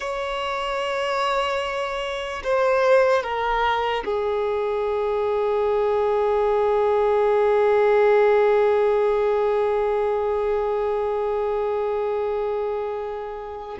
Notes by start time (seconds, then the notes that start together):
0.00 C#5
2.43 C5
3.22 A#4
4.05 G#4